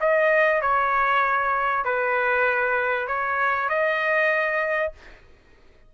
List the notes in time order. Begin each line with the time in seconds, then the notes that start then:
0.00 D#5
0.61 C#5
1.85 B4
3.07 C#5
3.69 D#5